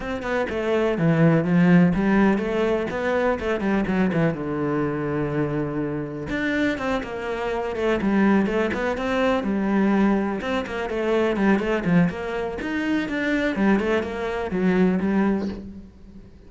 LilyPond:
\new Staff \with { instrumentName = "cello" } { \time 4/4 \tempo 4 = 124 c'8 b8 a4 e4 f4 | g4 a4 b4 a8 g8 | fis8 e8 d2.~ | d4 d'4 c'8 ais4. |
a8 g4 a8 b8 c'4 g8~ | g4. c'8 ais8 a4 g8 | a8 f8 ais4 dis'4 d'4 | g8 a8 ais4 fis4 g4 | }